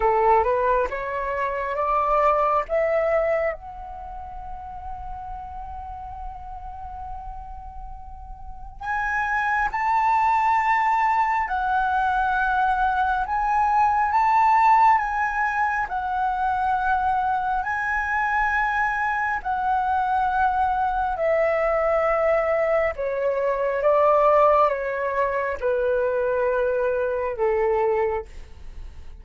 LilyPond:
\new Staff \with { instrumentName = "flute" } { \time 4/4 \tempo 4 = 68 a'8 b'8 cis''4 d''4 e''4 | fis''1~ | fis''2 gis''4 a''4~ | a''4 fis''2 gis''4 |
a''4 gis''4 fis''2 | gis''2 fis''2 | e''2 cis''4 d''4 | cis''4 b'2 a'4 | }